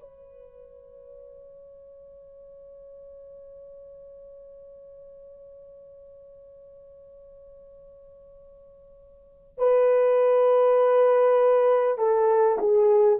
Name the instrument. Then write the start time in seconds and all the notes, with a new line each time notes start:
horn
0.00 C#5
9.58 B4
11.98 A4
12.59 G#4